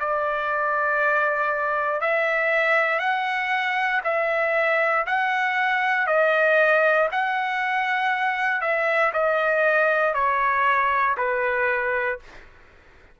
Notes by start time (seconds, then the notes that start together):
0.00 D5
2.01 E5
2.99 F#5
4.04 E5
5.07 F#5
6.07 D#5
7.11 F#5
8.61 E5
9.13 D#5
10.14 C#5
11.17 B4